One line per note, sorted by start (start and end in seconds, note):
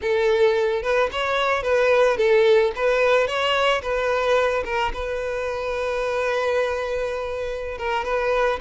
0.01 0.82 A4
0.82 1.09 B4
1.12 1.62 C#5
1.62 2.17 B4
2.17 2.71 A4
2.75 3.27 B4
3.27 3.81 C#5
3.82 4.63 B4
4.64 4.91 A#4
4.93 7.78 B4
7.78 8.04 A#4
8.04 8.59 B4